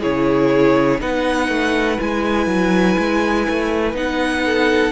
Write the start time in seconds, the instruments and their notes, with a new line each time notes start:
0.00 cello C#3, viola E4, violin G#4 C#5
0.99 cello B3, viola D#4, violin B4 F#5
1.48 cello A3
1.98 cello G#3, viola E4, violin G#5
2.47 cello F#3
2.98 cello G#3
3.49 cello A3
3.93 cello B3, viola D#4, violin F#5
4.44 violin A4